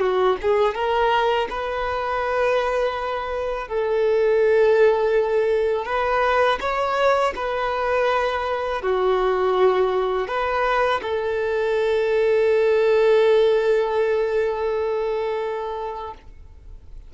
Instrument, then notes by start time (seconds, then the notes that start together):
violin
0.00 F#4
0.42 G#4
0.75 A#4
1.50 B4
3.68 A4
5.86 B4
6.61 C#5
7.36 B4
8.82 F#4
10.28 B4
11.02 A4